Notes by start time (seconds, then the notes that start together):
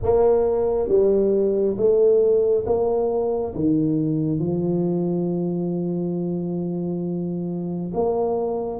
0.02 A#3
0.88 G3
1.76 A3
2.66 A#3
3.54 D#3
4.39 F3
7.94 A#3